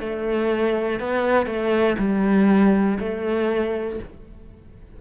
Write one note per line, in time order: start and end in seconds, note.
0.00 1.00 A3
1.00 1.46 B3
1.46 1.96 A3
1.98 2.98 G3
3.00 4.00 A3